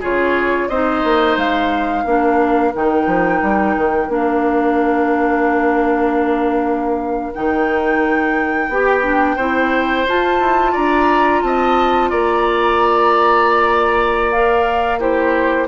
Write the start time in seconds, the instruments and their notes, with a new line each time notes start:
0.00 bassoon C#3, clarinet F4, oboe G#4, flute C#5
0.69 bassoon C4, clarinet D#4, oboe C5, flute D#5
1.04 bassoon A#3
1.37 bassoon G#3, flute F5
2.04 bassoon A#3, clarinet D4, oboe A#4
2.74 bassoon D#3, clarinet D#4, flute G5
3.07 bassoon F3
3.42 bassoon G3
3.77 bassoon D#3
4.09 bassoon A#3, clarinet D4, flute F5
7.34 bassoon D#3, clarinet D#4, flute G5
8.68 bassoon B3, clarinet G4, oboe G4
9.02 clarinet D4
9.36 bassoon C4, clarinet E4, oboe C5
10.08 clarinet F4, bassoon F4, flute A5
10.40 bassoon E4
10.72 bassoon D4, oboe D5, flute A#5
11.42 bassoon C4, oboe D#5, flute A5
12.10 bassoon A#3, oboe D5, flute A#5
14.32 clarinet A#4, flute F5
15.00 clarinet E4, oboe G4, flute C5